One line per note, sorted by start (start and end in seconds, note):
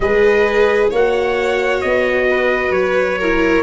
0.00 0.90 G#3
0.00 0.93 G#4
0.00 0.90 B4
0.00 0.89 D#5
0.90 1.82 A#3
0.90 3.20 F#4
0.90 2.26 C#5
0.90 1.81 F#5
1.81 2.70 B3
1.81 2.72 D#5
2.29 3.18 B4
2.70 3.61 F#3
2.70 3.62 C#5
3.18 3.63 E4
3.18 3.63 A#4